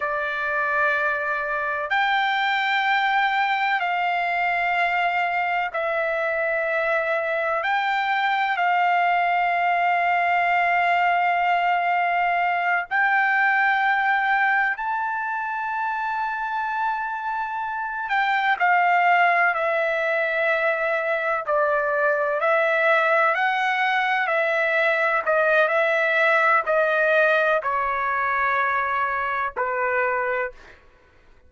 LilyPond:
\new Staff \with { instrumentName = "trumpet" } { \time 4/4 \tempo 4 = 63 d''2 g''2 | f''2 e''2 | g''4 f''2.~ | f''4. g''2 a''8~ |
a''2. g''8 f''8~ | f''8 e''2 d''4 e''8~ | e''8 fis''4 e''4 dis''8 e''4 | dis''4 cis''2 b'4 | }